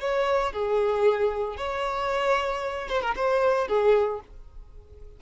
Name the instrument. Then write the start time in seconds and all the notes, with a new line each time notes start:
violin
0.00 C#5
0.52 G#4
1.57 C#5
2.89 C5
3.01 A#4
3.16 C5
3.67 G#4